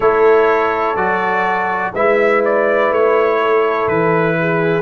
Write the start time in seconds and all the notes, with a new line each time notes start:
0.00 A3 E4 A4 C#5
0.95 F#3 F#4 D5
1.94 G#3 E4 B4 E5
2.44 D5
2.90 A3 C#5
3.40 A4
3.87 E3 B4
4.40 G#4